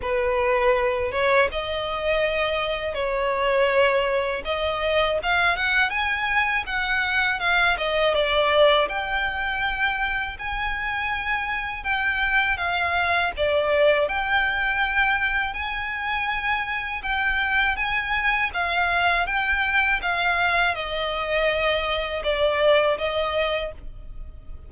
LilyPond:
\new Staff \with { instrumentName = "violin" } { \time 4/4 \tempo 4 = 81 b'4. cis''8 dis''2 | cis''2 dis''4 f''8 fis''8 | gis''4 fis''4 f''8 dis''8 d''4 | g''2 gis''2 |
g''4 f''4 d''4 g''4~ | g''4 gis''2 g''4 | gis''4 f''4 g''4 f''4 | dis''2 d''4 dis''4 | }